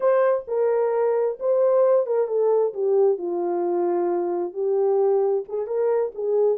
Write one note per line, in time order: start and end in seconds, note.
0.00 0.44 C5
0.47 1.38 A#4
1.39 2.06 C5
2.06 2.27 A#4
2.27 2.73 A4
2.73 3.18 G4
3.18 4.53 F4
4.53 5.44 G4
5.48 5.66 G#4
5.66 6.12 A#4
6.14 6.58 G#4